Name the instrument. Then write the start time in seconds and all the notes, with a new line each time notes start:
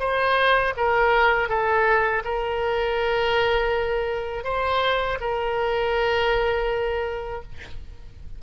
oboe
0.00 C5
0.77 A#4
1.49 A4
2.25 A#4
4.44 C5
5.21 A#4